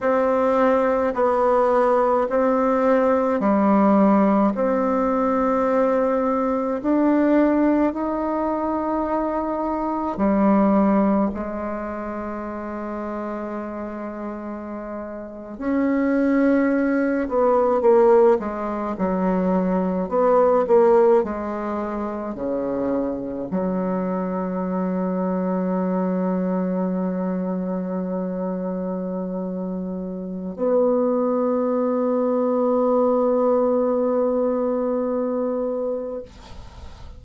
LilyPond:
\new Staff \with { instrumentName = "bassoon" } { \time 4/4 \tempo 4 = 53 c'4 b4 c'4 g4 | c'2 d'4 dis'4~ | dis'4 g4 gis2~ | gis4.~ gis16 cis'4. b8 ais16~ |
ais16 gis8 fis4 b8 ais8 gis4 cis16~ | cis8. fis2.~ fis16~ | fis2. b4~ | b1 | }